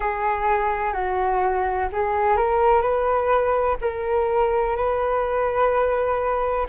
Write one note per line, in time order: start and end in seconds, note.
0.00 0.93 G#4
0.93 1.88 F#4
1.92 2.36 G#4
2.36 2.81 A#4
2.81 3.77 B4
3.81 4.76 A#4
4.76 6.67 B4